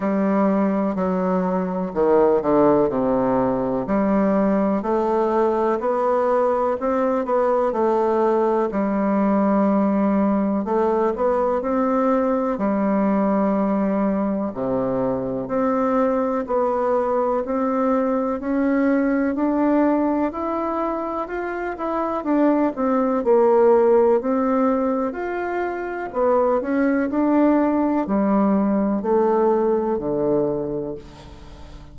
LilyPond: \new Staff \with { instrumentName = "bassoon" } { \time 4/4 \tempo 4 = 62 g4 fis4 dis8 d8 c4 | g4 a4 b4 c'8 b8 | a4 g2 a8 b8 | c'4 g2 c4 |
c'4 b4 c'4 cis'4 | d'4 e'4 f'8 e'8 d'8 c'8 | ais4 c'4 f'4 b8 cis'8 | d'4 g4 a4 d4 | }